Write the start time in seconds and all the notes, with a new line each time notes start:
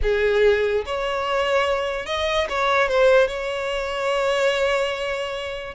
0.02 G#4
0.85 C#5
2.06 D#5
2.49 C#5
2.88 C5
3.27 C#5